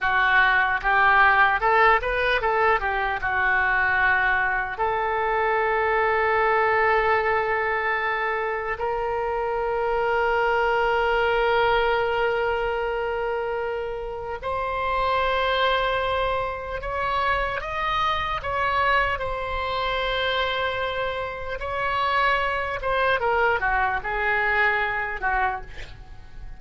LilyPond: \new Staff \with { instrumentName = "oboe" } { \time 4/4 \tempo 4 = 75 fis'4 g'4 a'8 b'8 a'8 g'8 | fis'2 a'2~ | a'2. ais'4~ | ais'1~ |
ais'2 c''2~ | c''4 cis''4 dis''4 cis''4 | c''2. cis''4~ | cis''8 c''8 ais'8 fis'8 gis'4. fis'8 | }